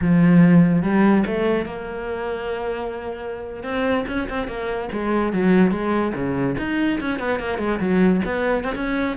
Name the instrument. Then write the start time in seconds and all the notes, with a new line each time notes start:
cello
0.01 F3
0.82 G3
1.26 A3
1.65 A#3
3.63 C4
4.07 C#4
4.29 C4
4.47 A#3
4.92 G#3
5.32 F#3
5.71 G#3
6.15 C#3
6.58 D#4
7.00 C#4
7.19 B3
7.39 A#3
7.58 G#3
7.79 F#3
8.25 B3
8.64 C4
8.75 C#4